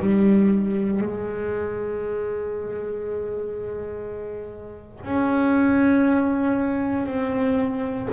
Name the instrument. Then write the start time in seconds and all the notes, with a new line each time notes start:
double bass
0.00 G3
1.01 G#3
5.05 C#4
7.07 C4